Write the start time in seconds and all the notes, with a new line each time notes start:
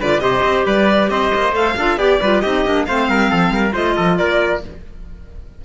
0.00 D3 F4 B4 D5
0.20 C3 G4 C5 D#5
0.43 C4
0.66 G3 B4 D5
1.10 C4 C5 D#5
1.35 A#3
1.53 A3 A4 F5
1.77 D4 F4 A4
1.97 B3 G4 D5
2.21 G3 F4 B4
2.42 C4 D#4 G4 D#5
2.65 A#3 D4
2.86 A3 C4 C5 F5
3.09 G3 A#4
3.31 F3 A4
3.51 G3 A#4
3.73 A3 F4 C5 D#5
3.97 F3 A4
4.18 A#3 A#4 D5